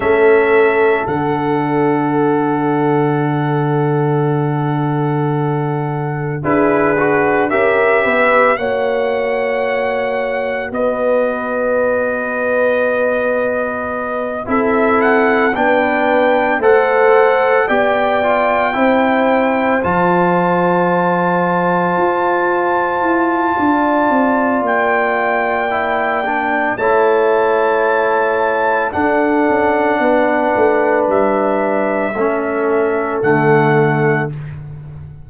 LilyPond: <<
  \new Staff \with { instrumentName = "trumpet" } { \time 4/4 \tempo 4 = 56 e''4 fis''2.~ | fis''2 b'4 e''4 | fis''2 dis''2~ | dis''4. e''8 fis''8 g''4 fis''8~ |
fis''8 g''2 a''4.~ | a''2. g''4~ | g''4 a''2 fis''4~ | fis''4 e''2 fis''4 | }
  \new Staff \with { instrumentName = "horn" } { \time 4/4 a'1~ | a'2 gis'4 ais'8 b'8 | cis''2 b'2~ | b'4. a'4 b'4 c''8~ |
c''8 d''4 c''2~ c''8~ | c''2 d''2~ | d''4 cis''2 a'4 | b'2 a'2 | }
  \new Staff \with { instrumentName = "trombone" } { \time 4/4 cis'4 d'2.~ | d'2 e'8 fis'8 g'4 | fis'1~ | fis'4. e'4 d'4 a'8~ |
a'8 g'8 f'8 e'4 f'4.~ | f'1 | e'8 d'8 e'2 d'4~ | d'2 cis'4 a4 | }
  \new Staff \with { instrumentName = "tuba" } { \time 4/4 a4 d2.~ | d2 d'4 cis'8 b8 | ais2 b2~ | b4. c'4 b4 a8~ |
a8 b4 c'4 f4.~ | f8 f'4 e'8 d'8 c'8 ais4~ | ais4 a2 d'8 cis'8 | b8 a8 g4 a4 d4 | }
>>